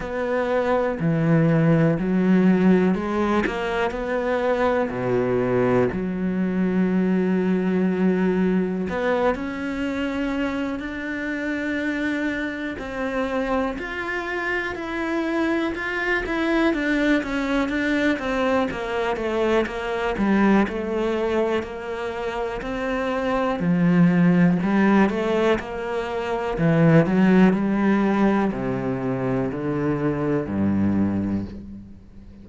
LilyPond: \new Staff \with { instrumentName = "cello" } { \time 4/4 \tempo 4 = 61 b4 e4 fis4 gis8 ais8 | b4 b,4 fis2~ | fis4 b8 cis'4. d'4~ | d'4 c'4 f'4 e'4 |
f'8 e'8 d'8 cis'8 d'8 c'8 ais8 a8 | ais8 g8 a4 ais4 c'4 | f4 g8 a8 ais4 e8 fis8 | g4 c4 d4 g,4 | }